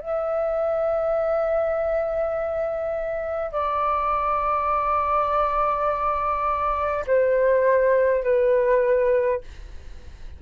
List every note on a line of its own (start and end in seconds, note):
0.00 3.52 E5
3.52 7.05 D5
7.07 8.24 C5
8.24 9.41 B4